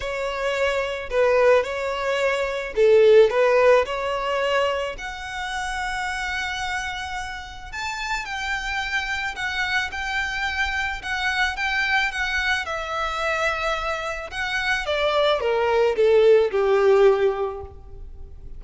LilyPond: \new Staff \with { instrumentName = "violin" } { \time 4/4 \tempo 4 = 109 cis''2 b'4 cis''4~ | cis''4 a'4 b'4 cis''4~ | cis''4 fis''2.~ | fis''2 a''4 g''4~ |
g''4 fis''4 g''2 | fis''4 g''4 fis''4 e''4~ | e''2 fis''4 d''4 | ais'4 a'4 g'2 | }